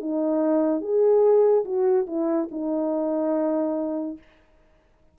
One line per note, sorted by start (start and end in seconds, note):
0.00 0.81 D#4
0.81 1.64 G#4
1.64 2.06 F#4
2.06 2.48 E4
2.51 4.17 D#4